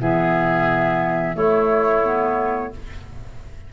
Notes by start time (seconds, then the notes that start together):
0.00 E3 B3 G#4 E5
1.34 A3 E4 C#5
2.04 B3